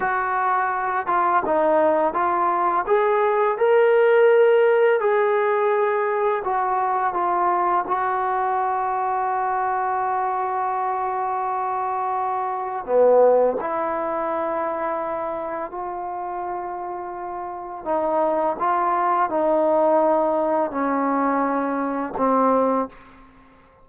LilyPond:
\new Staff \with { instrumentName = "trombone" } { \time 4/4 \tempo 4 = 84 fis'4. f'8 dis'4 f'4 | gis'4 ais'2 gis'4~ | gis'4 fis'4 f'4 fis'4~ | fis'1~ |
fis'2 b4 e'4~ | e'2 f'2~ | f'4 dis'4 f'4 dis'4~ | dis'4 cis'2 c'4 | }